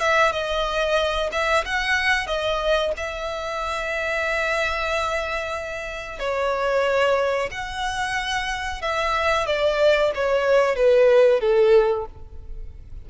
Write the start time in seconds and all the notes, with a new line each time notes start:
0.00 E5
0.32 D#5
1.32 E5
1.66 F#5
2.27 D#5
2.97 E5
6.20 C#5
7.51 F#5
8.82 E5
9.47 D5
10.15 C#5
10.76 B4
11.41 A4